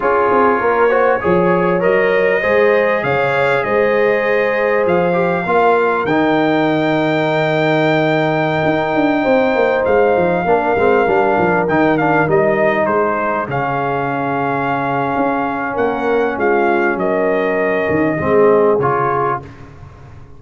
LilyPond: <<
  \new Staff \with { instrumentName = "trumpet" } { \time 4/4 \tempo 4 = 99 cis''2. dis''4~ | dis''4 f''4 dis''2 | f''2 g''2~ | g''1~ |
g''16 f''2. g''8 f''16~ | f''16 dis''4 c''4 f''4.~ f''16~ | f''2 fis''4 f''4 | dis''2. cis''4 | }
  \new Staff \with { instrumentName = "horn" } { \time 4/4 gis'4 ais'8 c''8 cis''2 | c''4 cis''4 c''2~ | c''4 ais'2.~ | ais'2.~ ais'16 c''8.~ |
c''4~ c''16 ais'2~ ais'8.~ | ais'4~ ais'16 gis'2~ gis'8.~ | gis'2 ais'4 f'4 | ais'2 gis'2 | }
  \new Staff \with { instrumentName = "trombone" } { \time 4/4 f'4. fis'8 gis'4 ais'4 | gis'1~ | gis'8 g'8 f'4 dis'2~ | dis'1~ |
dis'4~ dis'16 d'8 c'8 d'4 dis'8 d'16~ | d'16 dis'2 cis'4.~ cis'16~ | cis'1~ | cis'2 c'4 f'4 | }
  \new Staff \with { instrumentName = "tuba" } { \time 4/4 cis'8 c'8 ais4 f4 fis4 | gis4 cis4 gis2 | f4 ais4 dis2~ | dis2~ dis16 dis'8 d'8 c'8 ais16~ |
ais16 gis8 f8 ais8 gis8 g8 f8 dis8.~ | dis16 g4 gis4 cis4.~ cis16~ | cis4 cis'4 ais4 gis4 | fis4. dis8 gis4 cis4 | }
>>